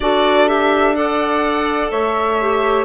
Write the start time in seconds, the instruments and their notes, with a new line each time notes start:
0.00 bassoon D4, clarinet F#4, saxophone A4, violin D5
0.47 clarinet G4, violin E5
0.94 clarinet A4, saxophone D5, violin F#5
1.90 bassoon A3, saxophone C#5, violin E5
2.40 clarinet G4